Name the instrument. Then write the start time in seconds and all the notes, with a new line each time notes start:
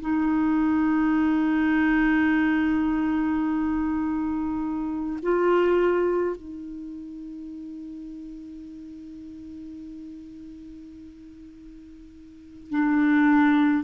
clarinet
0.00 D#4
5.22 F4
6.36 D#4
12.70 D4